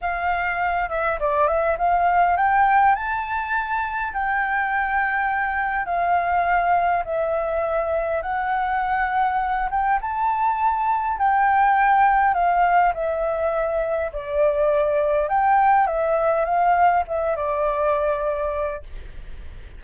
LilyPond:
\new Staff \with { instrumentName = "flute" } { \time 4/4 \tempo 4 = 102 f''4. e''8 d''8 e''8 f''4 | g''4 a''2 g''4~ | g''2 f''2 | e''2 fis''2~ |
fis''8 g''8 a''2 g''4~ | g''4 f''4 e''2 | d''2 g''4 e''4 | f''4 e''8 d''2~ d''8 | }